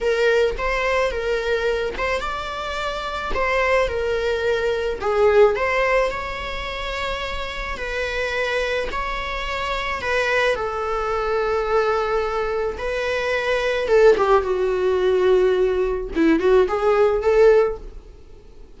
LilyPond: \new Staff \with { instrumentName = "viola" } { \time 4/4 \tempo 4 = 108 ais'4 c''4 ais'4. c''8 | d''2 c''4 ais'4~ | ais'4 gis'4 c''4 cis''4~ | cis''2 b'2 |
cis''2 b'4 a'4~ | a'2. b'4~ | b'4 a'8 g'8 fis'2~ | fis'4 e'8 fis'8 gis'4 a'4 | }